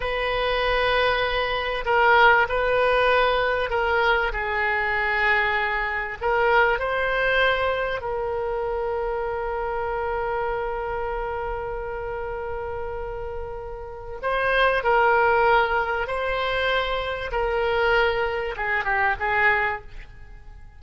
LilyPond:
\new Staff \with { instrumentName = "oboe" } { \time 4/4 \tempo 4 = 97 b'2. ais'4 | b'2 ais'4 gis'4~ | gis'2 ais'4 c''4~ | c''4 ais'2.~ |
ais'1~ | ais'2. c''4 | ais'2 c''2 | ais'2 gis'8 g'8 gis'4 | }